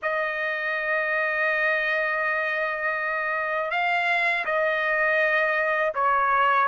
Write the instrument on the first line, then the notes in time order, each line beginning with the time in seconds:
trumpet
0.02 D#5
3.70 F5
4.45 D#5
5.94 C#5